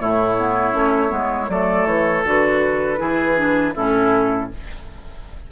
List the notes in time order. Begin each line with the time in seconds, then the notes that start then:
0.00 A2 A3 E4 C#5
0.38 B3
0.73 A3 C#4
1.09 G#3 B3
1.49 F#3 A3 A4 D5
1.86 E3 C#5
2.25 D3 F#4 B4
2.97 E3 E4 G#4
3.37 D4
3.75 A2 C#4 E4 A4